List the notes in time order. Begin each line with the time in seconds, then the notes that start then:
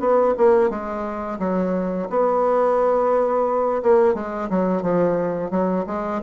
0.00 B3
0.37 A#3
0.70 G#3
1.39 F#3
2.10 B3
3.83 A#3
4.14 G#3
4.50 F#3
4.82 F3
5.51 F#3
5.87 G#3